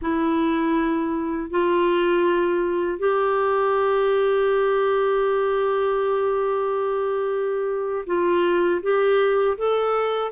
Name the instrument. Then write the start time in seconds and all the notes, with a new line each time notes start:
clarinet
0.01 E4
1.50 F4
2.99 G4
8.06 F4
8.82 G4
9.57 A4